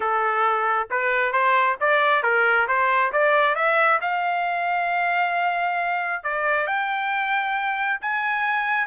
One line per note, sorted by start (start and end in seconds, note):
0.00 0.88 A4
0.90 1.32 B4
1.32 1.76 C5
1.80 2.22 D5
2.22 2.67 A#4
2.67 3.12 C5
3.12 3.55 D5
3.55 3.99 E5
4.01 6.23 F5
6.23 6.66 D5
6.66 8.00 G5
8.01 8.87 G#5